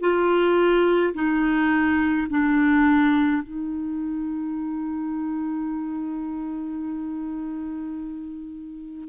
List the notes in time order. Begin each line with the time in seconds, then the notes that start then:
0.00 F4
1.14 D#4
2.30 D4
3.42 D#4